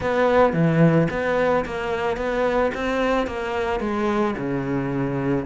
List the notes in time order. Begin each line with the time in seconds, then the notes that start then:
0.00 B3
0.53 E3
1.10 B3
1.65 A#3
2.16 B3
2.74 C4
3.27 A#3
3.80 G#3
4.37 C#3